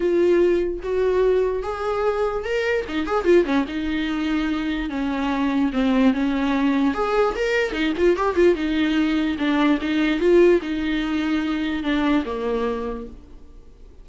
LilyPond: \new Staff \with { instrumentName = "viola" } { \time 4/4 \tempo 4 = 147 f'2 fis'2 | gis'2 ais'4 dis'8 gis'8 | f'8 cis'8 dis'2. | cis'2 c'4 cis'4~ |
cis'4 gis'4 ais'4 dis'8 f'8 | g'8 f'8 dis'2 d'4 | dis'4 f'4 dis'2~ | dis'4 d'4 ais2 | }